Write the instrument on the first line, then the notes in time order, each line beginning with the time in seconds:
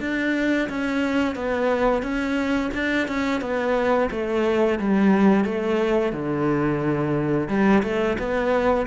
cello
0.00 D4
0.69 C#4
1.35 B3
2.02 C#4
2.74 D4
3.07 C#4
3.41 B3
4.10 A3
4.79 G3
5.44 A3
6.12 D3
7.48 G3
7.83 A3
8.18 B3